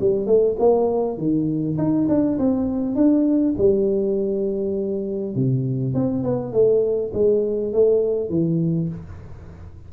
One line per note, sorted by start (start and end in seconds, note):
0.00 0.26 G3
0.26 0.56 A3
0.59 1.17 A#3
1.17 1.77 D#3
1.77 2.07 D#4
2.08 2.38 D4
2.38 2.95 C4
2.95 3.54 D4
3.58 5.34 G3
5.34 5.94 C3
5.94 6.23 C4
6.23 6.52 B3
6.52 7.12 A3
7.13 7.73 G#3
7.73 8.29 A3
8.29 8.88 E3